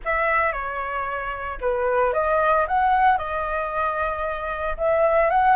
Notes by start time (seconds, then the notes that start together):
0.05 E5
0.52 C#5
1.60 B4
2.13 D#5
2.67 F#5
3.17 D#5
4.77 E5
5.30 F#5